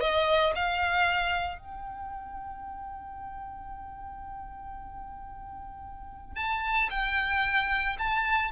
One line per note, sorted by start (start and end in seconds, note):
0.00 0.53 D#5
0.55 1.59 F5
1.59 6.36 G5
6.36 6.89 A5
6.90 7.96 G5
7.98 8.51 A5